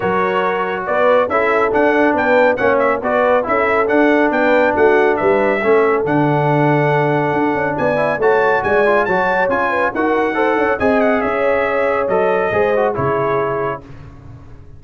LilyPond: <<
  \new Staff \with { instrumentName = "trumpet" } { \time 4/4 \tempo 4 = 139 cis''2 d''4 e''4 | fis''4 g''4 fis''8 e''8 d''4 | e''4 fis''4 g''4 fis''4 | e''2 fis''2~ |
fis''2 gis''4 a''4 | gis''4 a''4 gis''4 fis''4~ | fis''4 gis''8 fis''8 e''2 | dis''2 cis''2 | }
  \new Staff \with { instrumentName = "horn" } { \time 4/4 ais'2 b'4 a'4~ | a'4 b'4 cis''4 b'4 | a'2 b'4 fis'4 | b'4 a'2.~ |
a'2 d''4 cis''4 | d''4 cis''4. b'8 ais'4 | c''8 cis''8 dis''4 cis''2~ | cis''4 c''4 gis'2 | }
  \new Staff \with { instrumentName = "trombone" } { \time 4/4 fis'2. e'4 | d'2 cis'4 fis'4 | e'4 d'2.~ | d'4 cis'4 d'2~ |
d'2~ d'8 e'8 fis'4~ | fis'8 f'8 fis'4 f'4 fis'4 | a'4 gis'2. | a'4 gis'8 fis'8 e'2 | }
  \new Staff \with { instrumentName = "tuba" } { \time 4/4 fis2 b4 cis'4 | d'4 b4 ais4 b4 | cis'4 d'4 b4 a4 | g4 a4 d2~ |
d4 d'8 cis'8 b4 a4 | gis4 fis4 cis'4 dis'4~ | dis'8 cis'8 c'4 cis'2 | fis4 gis4 cis2 | }
>>